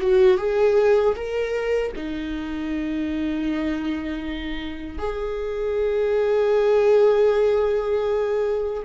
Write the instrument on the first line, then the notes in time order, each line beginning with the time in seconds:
viola
0.00 F#4
0.37 G#4
1.15 A#4
1.95 D#4
4.98 G#4